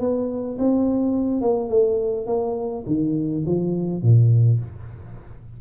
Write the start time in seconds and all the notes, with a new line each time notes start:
0.00 B3
0.58 C4
1.41 A#3
1.69 A3
2.27 A#3
2.86 D#3
3.46 F3
4.02 A#2